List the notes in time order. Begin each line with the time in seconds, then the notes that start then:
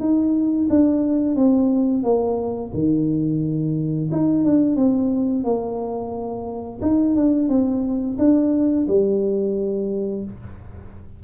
0.00 D#4
0.70 D4
1.36 C4
2.04 A#3
2.74 D#3
4.12 D#4
4.45 D4
4.76 C4
5.44 A#3
6.82 D#4
7.16 D4
7.49 C4
8.19 D4
8.88 G3